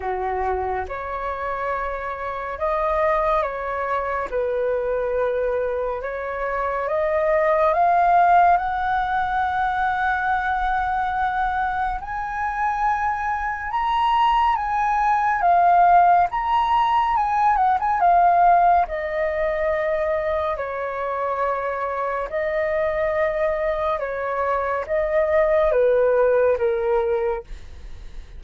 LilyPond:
\new Staff \with { instrumentName = "flute" } { \time 4/4 \tempo 4 = 70 fis'4 cis''2 dis''4 | cis''4 b'2 cis''4 | dis''4 f''4 fis''2~ | fis''2 gis''2 |
ais''4 gis''4 f''4 ais''4 | gis''8 fis''16 gis''16 f''4 dis''2 | cis''2 dis''2 | cis''4 dis''4 b'4 ais'4 | }